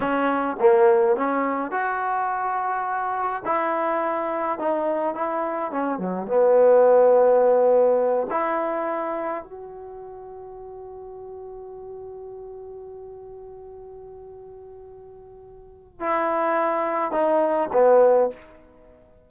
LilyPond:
\new Staff \with { instrumentName = "trombone" } { \time 4/4 \tempo 4 = 105 cis'4 ais4 cis'4 fis'4~ | fis'2 e'2 | dis'4 e'4 cis'8 fis8 b4~ | b2~ b8 e'4.~ |
e'8 fis'2.~ fis'8~ | fis'1~ | fis'1 | e'2 dis'4 b4 | }